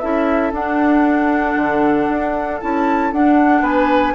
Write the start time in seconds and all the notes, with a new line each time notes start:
0.00 C#4 E4 A4 E5
0.52 D4 F#5
1.56 D3
2.09 D4
2.61 C#4 E4 A5
3.13 D4 F#5
3.62 B3 B4 G#5